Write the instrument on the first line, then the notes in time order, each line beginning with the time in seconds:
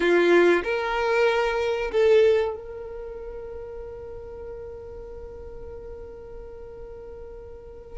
violin
0.00 F4
0.63 A#4
1.91 A4
2.55 A#4